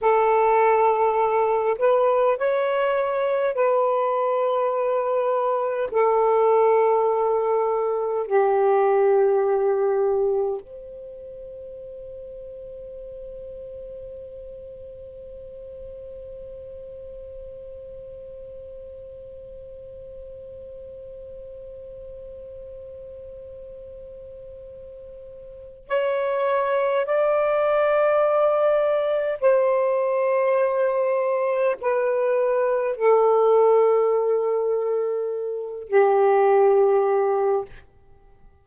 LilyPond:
\new Staff \with { instrumentName = "saxophone" } { \time 4/4 \tempo 4 = 51 a'4. b'8 cis''4 b'4~ | b'4 a'2 g'4~ | g'4 c''2.~ | c''1~ |
c''1~ | c''2 cis''4 d''4~ | d''4 c''2 b'4 | a'2~ a'8 g'4. | }